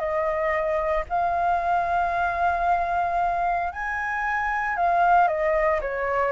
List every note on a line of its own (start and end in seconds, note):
0.00 1.05 D#5
1.10 3.73 F5
3.73 4.77 G#5
4.77 5.28 F5
5.28 5.81 D#5
5.82 6.32 C#5